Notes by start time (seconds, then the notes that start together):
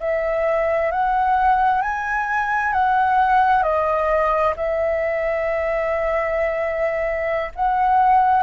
0.00 E5
0.91 F#5
1.82 G#5
2.73 F#5
3.63 D#5
4.56 E5
7.55 F#5